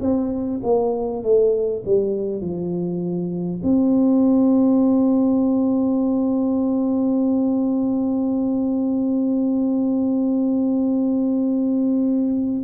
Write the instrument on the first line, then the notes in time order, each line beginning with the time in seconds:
tuba
0.00 C4
0.63 A#3
1.23 A3
1.85 G3
2.41 F3
3.63 C4